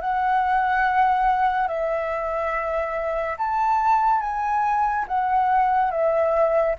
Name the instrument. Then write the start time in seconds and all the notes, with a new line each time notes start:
flute
0.00 F#5
1.67 E5
3.38 A5
4.20 G#5
5.07 F#5
5.90 E5